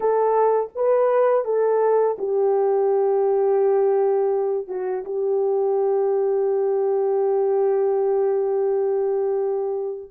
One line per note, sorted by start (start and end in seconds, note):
0.00 0.70 A4
0.75 1.44 B4
1.44 2.17 A4
2.18 4.67 G4
4.67 5.03 F#4
5.04 10.10 G4